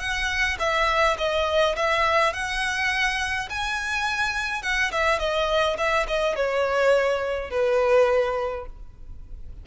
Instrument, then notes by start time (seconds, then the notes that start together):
violin
0.00 F#5
0.60 E5
1.19 D#5
1.76 E5
2.34 F#5
3.50 G#5
4.63 F#5
4.92 E5
5.19 D#5
5.78 E5
6.08 D#5
6.36 C#5
7.51 B4